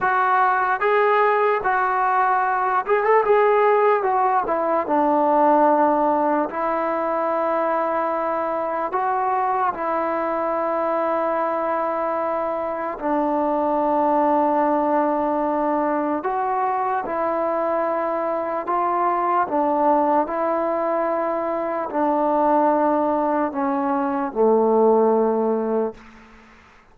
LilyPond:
\new Staff \with { instrumentName = "trombone" } { \time 4/4 \tempo 4 = 74 fis'4 gis'4 fis'4. gis'16 a'16 | gis'4 fis'8 e'8 d'2 | e'2. fis'4 | e'1 |
d'1 | fis'4 e'2 f'4 | d'4 e'2 d'4~ | d'4 cis'4 a2 | }